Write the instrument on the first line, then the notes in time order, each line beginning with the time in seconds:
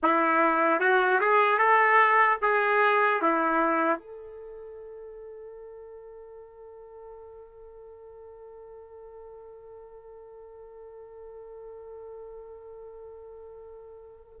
trumpet
0.03 E4
0.80 F#4
1.20 G#4
1.58 A4
2.41 G#4
3.21 E4
3.99 A4